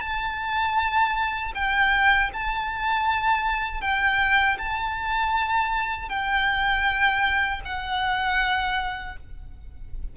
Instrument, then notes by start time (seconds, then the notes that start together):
violin
0.00 A5
1.54 G5
2.33 A5
3.81 G5
4.58 A5
6.09 G5
7.65 F#5